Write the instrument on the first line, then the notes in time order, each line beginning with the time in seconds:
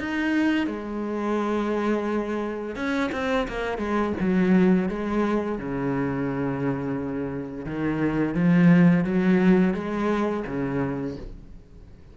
cello
0.00 D#4
0.67 G#3
2.76 C#4
3.13 C4
3.48 A#3
3.79 G#3
4.21 F#3
4.89 G#3
5.59 C#3
7.66 D#3
8.35 F3
9.04 F#3
9.74 G#3
10.47 C#3